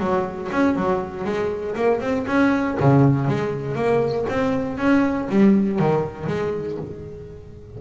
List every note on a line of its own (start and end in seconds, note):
0.00 0.50 F#3
0.52 0.76 C#4
0.76 1.25 F#3
1.25 1.75 G#3
1.76 2.01 A#3
2.01 2.26 C4
2.27 2.78 C#4
2.81 3.28 C#3
3.28 3.76 G#3
3.76 4.26 A#3
4.30 4.78 C4
4.78 5.28 C#4
5.29 5.80 G3
5.80 6.28 D#3
6.28 6.78 G#3